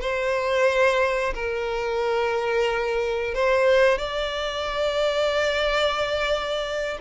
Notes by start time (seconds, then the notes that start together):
0.00 C5
1.34 A#4
3.34 C5
3.98 D5